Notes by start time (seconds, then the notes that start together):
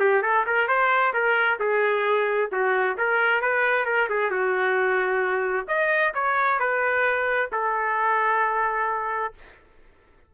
0.00 G4
0.23 A4
0.46 A#4
0.68 C5
1.14 A#4
1.60 G#4
2.52 F#4
2.98 A#4
3.42 B4
3.86 A#4
4.10 G#4
4.31 F#4
5.68 D#5
6.14 C#5
6.60 B4
7.52 A4